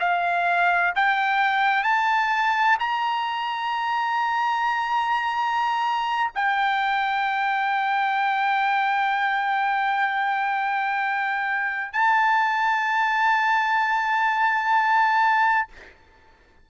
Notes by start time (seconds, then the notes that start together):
0.00 F5
0.96 G5
1.84 A5
2.80 A#5
6.35 G5
11.93 A5